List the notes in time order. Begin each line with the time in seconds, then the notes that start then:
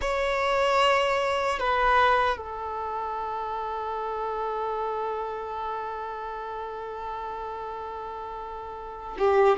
0.01 C#5
1.59 B4
2.37 A4
9.18 G4